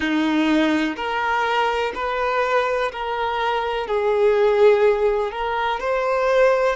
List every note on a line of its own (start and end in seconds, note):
0.00 0.95 D#4
0.96 1.93 A#4
1.94 2.91 B4
2.92 3.87 A#4
3.87 5.31 G#4
5.31 5.79 A#4
5.80 6.76 C5